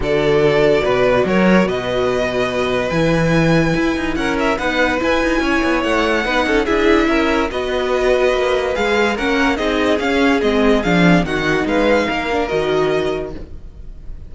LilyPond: <<
  \new Staff \with { instrumentName = "violin" } { \time 4/4 \tempo 4 = 144 d''2. cis''4 | dis''2. gis''4~ | gis''2 fis''8 e''8 fis''4 | gis''2 fis''2 |
e''2 dis''2~ | dis''4 f''4 fis''4 dis''4 | f''4 dis''4 f''4 fis''4 | f''2 dis''2 | }
  \new Staff \with { instrumentName = "violin" } { \time 4/4 a'2 b'4 ais'4 | b'1~ | b'2 ais'4 b'4~ | b'4 cis''2 b'8 a'8 |
gis'4 ais'4 b'2~ | b'2 ais'4 gis'4~ | gis'2. fis'4 | b'4 ais'2. | }
  \new Staff \with { instrumentName = "viola" } { \time 4/4 fis'1~ | fis'2. e'4~ | e'2. dis'4 | e'2. dis'4 |
e'2 fis'2~ | fis'4 gis'4 cis'4 dis'4 | cis'4 c'4 d'4 dis'4~ | dis'4. d'8 fis'2 | }
  \new Staff \with { instrumentName = "cello" } { \time 4/4 d2 b,4 fis4 | b,2. e4~ | e4 e'8 dis'8 cis'4 b4 | e'8 dis'8 cis'8 b8 a4 b8 cis'8 |
d'4 cis'4 b2 | ais4 gis4 ais4 c'4 | cis'4 gis4 f4 dis4 | gis4 ais4 dis2 | }
>>